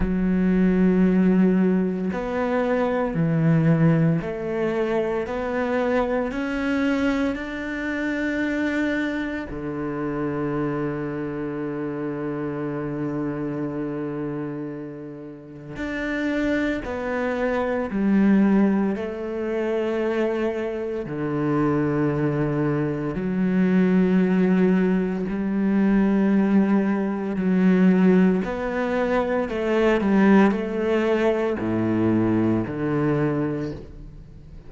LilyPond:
\new Staff \with { instrumentName = "cello" } { \time 4/4 \tempo 4 = 57 fis2 b4 e4 | a4 b4 cis'4 d'4~ | d'4 d2.~ | d2. d'4 |
b4 g4 a2 | d2 fis2 | g2 fis4 b4 | a8 g8 a4 a,4 d4 | }